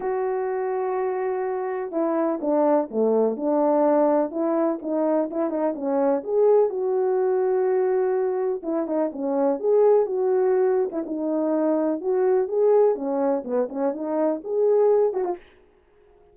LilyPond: \new Staff \with { instrumentName = "horn" } { \time 4/4 \tempo 4 = 125 fis'1 | e'4 d'4 a4 d'4~ | d'4 e'4 dis'4 e'8 dis'8 | cis'4 gis'4 fis'2~ |
fis'2 e'8 dis'8 cis'4 | gis'4 fis'4.~ fis'16 e'16 dis'4~ | dis'4 fis'4 gis'4 cis'4 | b8 cis'8 dis'4 gis'4. fis'16 f'16 | }